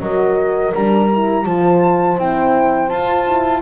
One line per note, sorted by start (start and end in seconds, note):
0.00 0.72 F#3
0.00 0.74 F#4
0.00 1.47 A#4
0.00 0.73 D#5
0.74 1.46 G3
0.74 1.11 D4
0.74 1.46 A#5
1.13 1.45 E4
1.45 2.18 F3
1.45 2.17 F4
1.45 3.62 C5
1.45 2.18 A5
2.17 2.91 C4
2.17 2.88 E4
2.17 2.89 G5
2.88 3.25 F4
2.88 3.62 F4
2.88 3.61 A5
3.26 3.62 E4